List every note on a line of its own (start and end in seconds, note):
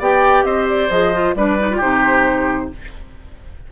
0.00 0.44 B3
0.00 0.91 G4
0.00 0.45 D5
0.00 0.45 G5
0.44 0.89 C4
0.44 1.36 C5
0.44 0.67 D#5
0.69 0.91 D5
0.91 1.35 F3
0.91 1.14 G#4
0.91 1.36 D#5
1.14 1.36 F4
1.35 1.81 G3
1.35 1.59 D4
1.35 1.77 B4
1.35 1.81 D5
1.59 1.71 D#4
1.71 1.81 F4
1.71 2.67 G4
1.81 2.72 C3
1.81 2.72 D#4
1.81 2.72 C5